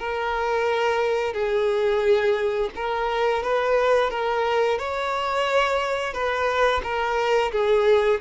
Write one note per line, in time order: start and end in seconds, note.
0.00 1.34 A#4
1.34 2.70 G#4
2.76 3.43 A#4
3.43 4.11 B4
4.11 4.79 A#4
4.79 6.14 C#5
6.14 6.82 B4
6.84 7.52 A#4
7.52 8.20 G#4